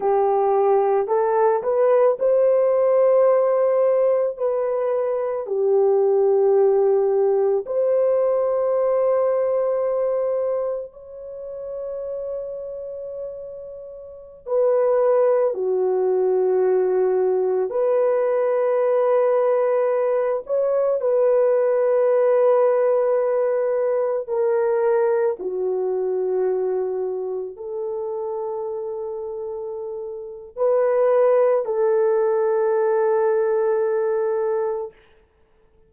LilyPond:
\new Staff \with { instrumentName = "horn" } { \time 4/4 \tempo 4 = 55 g'4 a'8 b'8 c''2 | b'4 g'2 c''4~ | c''2 cis''2~ | cis''4~ cis''16 b'4 fis'4.~ fis'16~ |
fis'16 b'2~ b'8 cis''8 b'8.~ | b'2~ b'16 ais'4 fis'8.~ | fis'4~ fis'16 a'2~ a'8. | b'4 a'2. | }